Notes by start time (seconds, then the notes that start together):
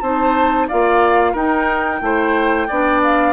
0.00 C4 D#4 C5 A5
0.67 A#3 F4 D5 F5
1.32 D#4 A#4 G5
2.00 A3 E4 C5
2.67 B3 D4 D5
3.03 F5